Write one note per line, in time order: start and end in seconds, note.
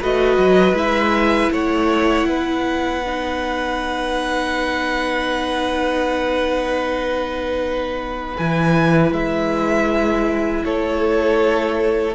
0.00 0.37 A3
0.00 0.75 F#4
0.00 1.52 B4
0.00 0.76 D#5
0.37 0.72 F#3
0.72 1.48 G#3
0.72 3.02 E4
0.72 1.52 E5
1.51 2.26 A3
1.51 2.28 C#5
1.51 8.36 F#5
2.26 8.34 B3
2.26 10.64 B4
3.05 8.37 D#4
8.37 9.11 E3
8.37 12.15 E4
8.37 9.13 G#5
9.11 10.63 G#3
9.11 10.65 E5
10.64 12.15 A3
10.64 12.15 A4
10.64 12.15 C#5